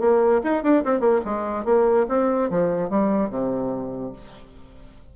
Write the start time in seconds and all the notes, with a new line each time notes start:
0.00 A#3
0.44 D#4
0.64 D4
0.85 C4
1.00 A#3
1.25 G#3
1.65 A#3
2.09 C4
2.50 F3
2.90 G3
3.30 C3